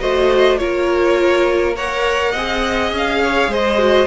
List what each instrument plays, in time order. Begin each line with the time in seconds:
0.00 cello A3, viola F#4, violin C5 D#5
0.58 cello A#3, viola F4, violin A#4 C#5
1.76 viola A#4, violin C#5 F#5
2.32 cello C4, viola G#4, violin D#5
2.92 cello C#4, violin F5
3.23 violin C#5
3.47 cello G#3, violin C5
3.53 violin D#5
3.78 viola F#4